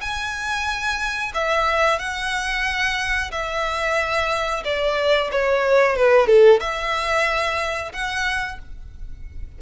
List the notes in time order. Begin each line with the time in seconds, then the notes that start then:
0.00 G#5
1.34 E5
1.99 F#5
3.31 E5
4.64 D5
5.31 C#5
5.96 B4
6.27 A4
6.60 E5
7.92 F#5